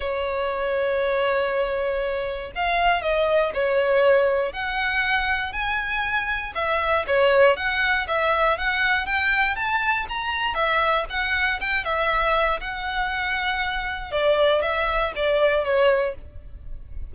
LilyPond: \new Staff \with { instrumentName = "violin" } { \time 4/4 \tempo 4 = 119 cis''1~ | cis''4 f''4 dis''4 cis''4~ | cis''4 fis''2 gis''4~ | gis''4 e''4 cis''4 fis''4 |
e''4 fis''4 g''4 a''4 | ais''4 e''4 fis''4 g''8 e''8~ | e''4 fis''2. | d''4 e''4 d''4 cis''4 | }